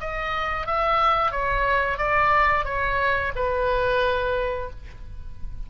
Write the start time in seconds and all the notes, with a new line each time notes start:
0.00 D#5
0.66 E5
1.31 C#5
1.98 D5
2.64 C#5
3.36 B4